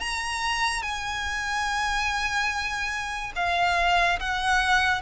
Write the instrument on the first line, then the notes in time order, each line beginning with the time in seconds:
violin
0.00 A#5
0.83 G#5
3.36 F5
4.20 F#5